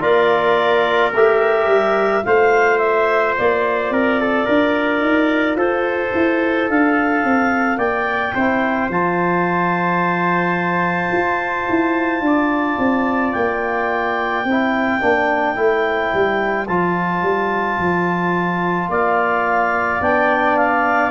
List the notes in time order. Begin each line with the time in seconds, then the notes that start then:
0.00 A#3 F4 A#4 D5
1.14 A3 G4 E5
1.67 G3
2.23 A3 F4 C5 F5
2.78 E5
3.38 A#3 D5
3.90 C4 A#4
4.21 A4
4.45 D4 A#4
5.01 D#4
5.56 F4 A4 C5
6.14 E4
6.70 D4 F5
7.25 C4
7.78 A#3 D5 G5
8.35 C4 E4 C5
8.89 F3 F4 A5
11.12 F4
11.69 E4
12.21 D4 D5
12.79 C4
13.33 A#3 G5
14.45 C4 E4 C5
15.01 A#3 D4
15.56 A3 E4
16.14 G3
16.67 F3 F4 A5
17.22 G3
17.78 F3
18.89 A#3 D5 F5
20.01 B3 D4 G5
20.57 F5